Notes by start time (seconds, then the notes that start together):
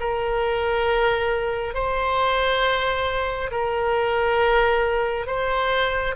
0.00 A#4
1.74 C5
3.51 A#4
5.27 C5